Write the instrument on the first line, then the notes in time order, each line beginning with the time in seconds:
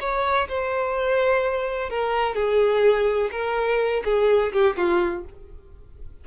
violin
0.00 C#5
0.48 C5
1.90 A#4
2.35 G#4
3.31 A#4
4.04 G#4
4.52 G4
4.76 F4